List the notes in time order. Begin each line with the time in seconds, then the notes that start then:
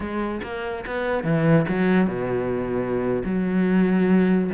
0.00 G#3
0.42 A#3
0.86 B3
1.23 E3
1.68 F#3
2.07 B2
3.24 F#3